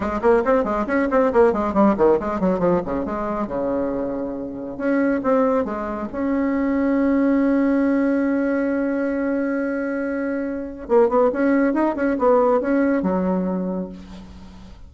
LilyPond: \new Staff \with { instrumentName = "bassoon" } { \time 4/4 \tempo 4 = 138 gis8 ais8 c'8 gis8 cis'8 c'8 ais8 gis8 | g8 dis8 gis8 fis8 f8 cis8 gis4 | cis2. cis'4 | c'4 gis4 cis'2~ |
cis'1~ | cis'1~ | cis'4 ais8 b8 cis'4 dis'8 cis'8 | b4 cis'4 fis2 | }